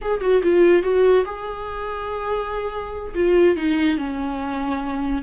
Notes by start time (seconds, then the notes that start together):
0.01 G#4
0.21 F#4
0.42 F4
0.82 F#4
1.25 G#4
3.14 F4
3.56 D#4
3.97 C#4